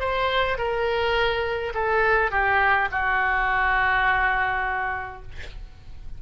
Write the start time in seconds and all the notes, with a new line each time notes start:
0.00 C5
0.58 A#4
1.74 A4
2.31 G4
2.92 F#4